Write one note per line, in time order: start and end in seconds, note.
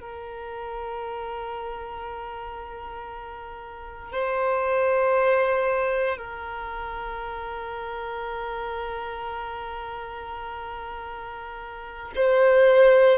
0.00 4.12 A#4
4.12 6.17 C5
6.17 12.12 A#4
12.16 13.18 C5